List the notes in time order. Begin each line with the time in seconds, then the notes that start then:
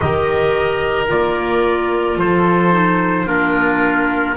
0.00 D#3 G4 A#4 D#5
1.08 A#3 F4 D5
2.17 F3 A4 C5
2.71 D#4
3.26 A#3 D4 F4 A#4